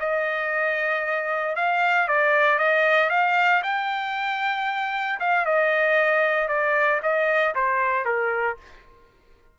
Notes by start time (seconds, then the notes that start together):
0.00 D#5
1.56 F5
2.08 D5
2.59 D#5
3.10 F5
3.63 G5
5.20 F5
5.46 D#5
6.49 D5
7.03 D#5
7.55 C5
8.05 A#4